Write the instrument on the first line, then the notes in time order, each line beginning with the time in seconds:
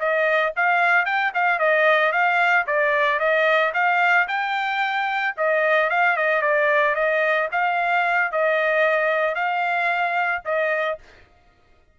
trumpet
0.00 D#5
0.56 F5
1.06 G5
1.35 F5
1.60 D#5
2.13 F5
2.67 D5
3.20 D#5
3.75 F5
4.29 G5
5.38 D#5
5.91 F5
6.17 D#5
6.42 D5
6.95 D#5
7.52 F5
8.32 D#5
9.36 F5
10.46 D#5